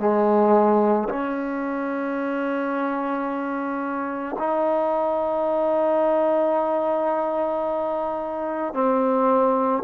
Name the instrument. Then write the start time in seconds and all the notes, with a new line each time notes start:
trombone
0.00 G#3
1.09 C#4
4.39 D#4
8.74 C4